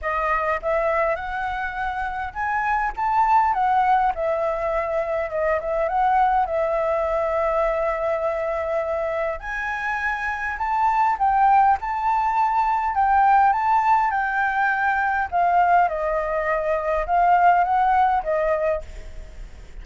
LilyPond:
\new Staff \with { instrumentName = "flute" } { \time 4/4 \tempo 4 = 102 dis''4 e''4 fis''2 | gis''4 a''4 fis''4 e''4~ | e''4 dis''8 e''8 fis''4 e''4~ | e''1 |
gis''2 a''4 g''4 | a''2 g''4 a''4 | g''2 f''4 dis''4~ | dis''4 f''4 fis''4 dis''4 | }